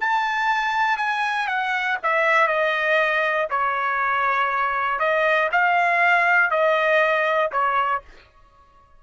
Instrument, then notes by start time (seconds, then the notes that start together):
trumpet
0.00 A5
0.97 G#5
1.47 F#5
2.03 E5
2.47 D#5
3.50 C#5
4.99 D#5
5.52 F5
6.50 D#5
7.52 C#5